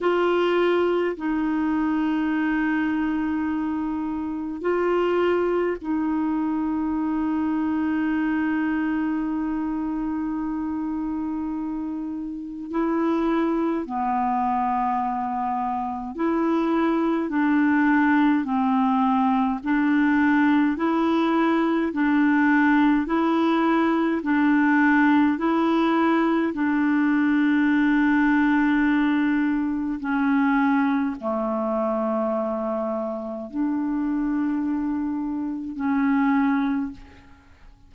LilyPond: \new Staff \with { instrumentName = "clarinet" } { \time 4/4 \tempo 4 = 52 f'4 dis'2. | f'4 dis'2.~ | dis'2. e'4 | b2 e'4 d'4 |
c'4 d'4 e'4 d'4 | e'4 d'4 e'4 d'4~ | d'2 cis'4 a4~ | a4 d'2 cis'4 | }